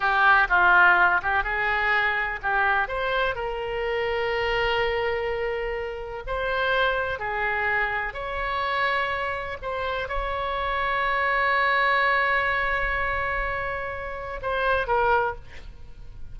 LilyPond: \new Staff \with { instrumentName = "oboe" } { \time 4/4 \tempo 4 = 125 g'4 f'4. g'8 gis'4~ | gis'4 g'4 c''4 ais'4~ | ais'1~ | ais'4 c''2 gis'4~ |
gis'4 cis''2. | c''4 cis''2.~ | cis''1~ | cis''2 c''4 ais'4 | }